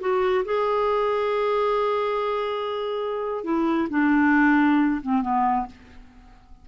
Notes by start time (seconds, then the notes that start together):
0.00 F#4
0.45 G#4
3.43 E4
3.90 D4
5.01 C4
5.22 B3